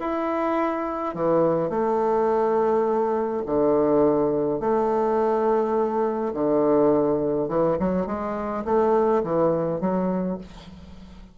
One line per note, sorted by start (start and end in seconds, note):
0.00 1.15 E4
1.15 1.70 E3
1.70 3.43 A3
3.46 4.60 D3
4.60 6.33 A3
6.34 7.48 D3
7.48 7.77 E3
7.80 8.07 F#3
8.07 8.64 G#3
8.65 9.23 A3
9.24 9.81 E3
9.81 10.38 F#3